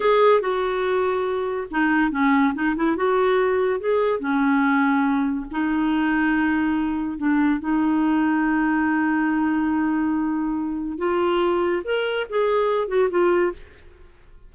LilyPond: \new Staff \with { instrumentName = "clarinet" } { \time 4/4 \tempo 4 = 142 gis'4 fis'2. | dis'4 cis'4 dis'8 e'8 fis'4~ | fis'4 gis'4 cis'2~ | cis'4 dis'2.~ |
dis'4 d'4 dis'2~ | dis'1~ | dis'2 f'2 | ais'4 gis'4. fis'8 f'4 | }